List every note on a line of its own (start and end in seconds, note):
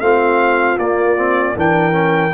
0.00 0.77 A3
0.00 0.79 C4
0.00 1.57 F4
0.00 0.78 F5
0.77 1.55 A#3
0.77 1.16 A#3
0.77 1.56 D5
1.16 1.55 C4
1.56 2.34 E3
1.56 1.91 D4
1.56 2.34 A#4
1.56 2.34 G5
1.91 2.30 C#4